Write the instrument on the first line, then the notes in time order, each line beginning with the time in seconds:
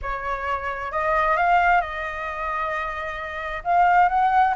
flute
0.02 C#5
0.91 D#5
1.36 F5
1.81 D#5
3.64 F5
4.08 F#5